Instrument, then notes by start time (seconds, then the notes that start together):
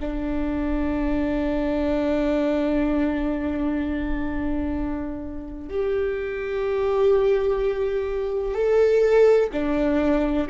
viola
0.00 D4
5.70 G4
8.55 A4
9.53 D4